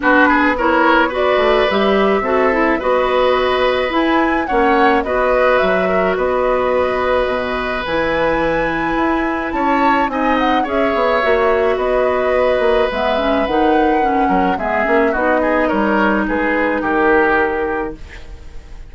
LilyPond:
<<
  \new Staff \with { instrumentName = "flute" } { \time 4/4 \tempo 4 = 107 b'4 cis''4 d''4 e''4~ | e''4 dis''2 gis''4 | fis''4 dis''4 e''4 dis''4~ | dis''2 gis''2~ |
gis''4 a''4 gis''8 fis''8 e''4~ | e''4 dis''2 e''4 | fis''2 e''4 dis''4 | cis''4 b'4 ais'2 | }
  \new Staff \with { instrumentName = "oboe" } { \time 4/4 fis'8 gis'8 ais'4 b'2 | a'4 b'2. | cis''4 b'4. ais'8 b'4~ | b'1~ |
b'4 cis''4 dis''4 cis''4~ | cis''4 b'2.~ | b'4. ais'8 gis'4 fis'8 gis'8 | ais'4 gis'4 g'2 | }
  \new Staff \with { instrumentName = "clarinet" } { \time 4/4 d'4 e'4 fis'4 g'4 | fis'8 e'8 fis'2 e'4 | cis'4 fis'2.~ | fis'2 e'2~ |
e'2 dis'4 gis'4 | fis'2. b8 cis'8 | dis'4 cis'4 b8 cis'8 dis'4~ | dis'1 | }
  \new Staff \with { instrumentName = "bassoon" } { \time 4/4 b2~ b8 a8 g4 | c'4 b2 e'4 | ais4 b4 fis4 b4~ | b4 b,4 e2 |
e'4 cis'4 c'4 cis'8 b8 | ais4 b4. ais8 gis4 | dis4. fis8 gis8 ais8 b4 | g4 gis4 dis2 | }
>>